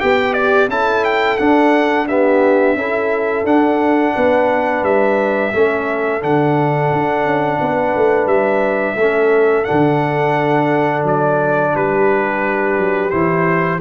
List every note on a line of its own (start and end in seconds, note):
0.00 0.69 B3
0.00 0.69 G4
0.00 0.70 G4
0.00 0.33 G5
0.33 0.68 D5
0.69 1.37 C#4
0.69 1.39 E4
0.69 2.08 A4
0.69 1.05 A5
1.05 1.38 G5
1.38 2.08 D4
1.38 2.76 D4
1.38 2.07 F#5
2.08 2.78 B3
2.08 2.77 G4
2.08 3.46 E5
2.76 3.45 C#4
2.76 3.46 E4
2.76 4.14 A4
3.45 4.14 D4
3.45 5.53 D4
3.45 4.84 F#5
4.14 4.83 B3
4.14 5.52 B4
4.83 5.52 G3
4.83 6.22 E5
5.53 6.23 A3
5.53 6.21 C#4
5.53 7.60 A4
6.21 6.92 D3
6.21 8.97 D4
6.21 8.28 F#5
6.92 7.25 D4
7.25 7.59 C#4
7.60 7.95 B3
7.60 8.95 B4
7.96 8.26 A3
8.26 8.95 G3
8.26 9.64 E5
8.95 9.65 A3
8.95 11.70 A4
9.01 9.66 C#4
9.64 13.10 D4
9.64 11.02 F#5
9.71 11.04 D3
11.04 11.73 F#3
11.04 11.76 D5
11.75 12.78 G3
11.75 13.81 G4
11.75 13.10 B4
12.78 13.12 F#3
13.10 13.81 E3
13.10 13.80 E4
13.10 13.79 C5